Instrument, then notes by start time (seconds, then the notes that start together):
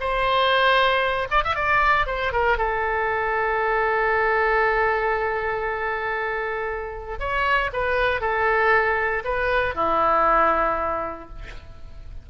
oboe
0.00 C5
1.31 D5
1.44 E5
1.55 D5
2.07 C5
2.32 A#4
2.58 A4
7.20 C#5
7.73 B4
8.21 A4
9.25 B4
9.75 E4